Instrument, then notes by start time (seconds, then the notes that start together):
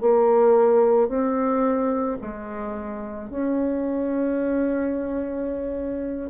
bassoon
0.00 A#3
1.08 C4
2.21 G#3
3.30 C#4